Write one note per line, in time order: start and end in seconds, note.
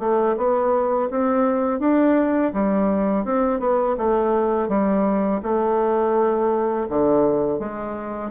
0.00 0.36 A3
0.37 1.10 B3
1.11 1.80 C4
1.80 2.52 D4
2.54 3.25 G3
3.25 3.60 C4
3.60 3.96 B3
3.98 4.69 A3
4.69 5.41 G3
5.43 6.88 A3
6.90 7.60 D3
7.60 8.31 G#3